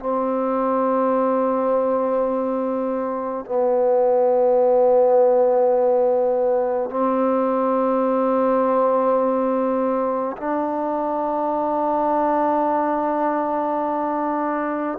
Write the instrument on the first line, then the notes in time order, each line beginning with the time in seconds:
trombone
0.00 C4
3.46 B3
6.91 C4
10.37 D4